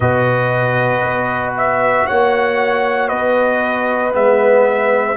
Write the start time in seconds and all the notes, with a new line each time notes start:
0.00 B2 F#4 B4 D#5
1.02 B3
1.57 E5
2.06 A#3 C#5 F#5
3.08 B3 B4 D#5
4.11 G#3 B3 E5